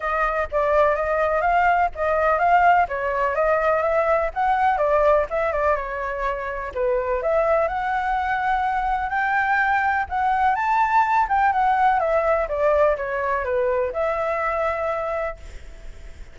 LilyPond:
\new Staff \with { instrumentName = "flute" } { \time 4/4 \tempo 4 = 125 dis''4 d''4 dis''4 f''4 | dis''4 f''4 cis''4 dis''4 | e''4 fis''4 d''4 e''8 d''8 | cis''2 b'4 e''4 |
fis''2. g''4~ | g''4 fis''4 a''4. g''8 | fis''4 e''4 d''4 cis''4 | b'4 e''2. | }